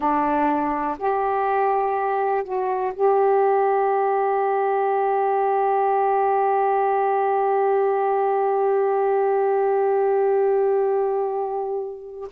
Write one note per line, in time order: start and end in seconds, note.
0.00 0.97 D4
0.98 2.44 G4
2.44 2.92 F#4
2.93 12.28 G4